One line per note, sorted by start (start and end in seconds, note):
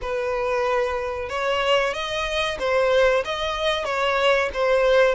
0.01 1.29 B4
1.29 1.93 C#5
1.93 2.58 D#5
2.59 3.23 C5
3.24 3.84 D#5
3.84 4.49 C#5
4.53 5.14 C5